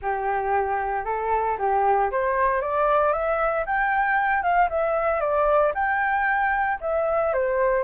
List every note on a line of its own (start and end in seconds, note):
0.01 1.05 G4
1.05 1.57 A4
1.58 2.10 G4
2.11 2.61 C5
2.61 3.12 D5
3.12 3.65 E5
3.66 4.43 G5
4.43 4.69 F5
4.69 5.20 E5
5.20 5.72 D5
5.74 6.78 G5
6.80 7.33 E5
7.33 7.83 C5